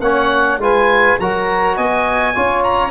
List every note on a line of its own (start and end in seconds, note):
0.00 0.58 A#3
0.00 0.60 C#4
0.00 0.60 C#5
0.00 0.58 F#5
0.58 1.16 G#3
0.58 1.19 F4
0.58 1.19 B4
0.58 1.20 G#5
1.19 1.77 F#3
1.19 2.35 F#4
1.19 1.75 A#4
1.19 1.77 A#5
1.75 2.35 B3
1.75 2.33 D#5
1.75 2.63 G#5
2.33 2.90 C#4
2.33 2.90 F4
2.33 2.90 C#5
2.63 2.90 A#5